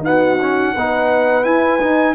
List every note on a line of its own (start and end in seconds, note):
0.00 0.39 B3
0.00 0.71 D#4
0.00 1.44 F#5
0.06 0.74 F#4
0.41 0.76 C#4
0.74 1.45 B3
0.74 1.44 D#4
0.74 2.15 B4
1.44 1.79 E4
1.44 1.80 E4
1.44 2.15 G#5
1.81 2.15 D#4